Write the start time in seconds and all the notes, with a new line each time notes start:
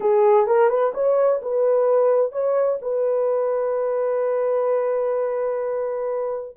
0.00 G#4
0.46 A#4
0.69 B4
0.94 C#5
1.42 B4
2.32 C#5
2.81 B4